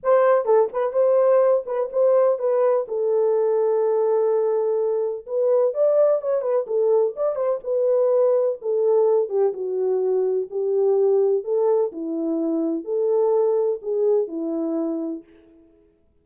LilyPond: \new Staff \with { instrumentName = "horn" } { \time 4/4 \tempo 4 = 126 c''4 a'8 b'8 c''4. b'8 | c''4 b'4 a'2~ | a'2. b'4 | d''4 cis''8 b'8 a'4 d''8 c''8 |
b'2 a'4. g'8 | fis'2 g'2 | a'4 e'2 a'4~ | a'4 gis'4 e'2 | }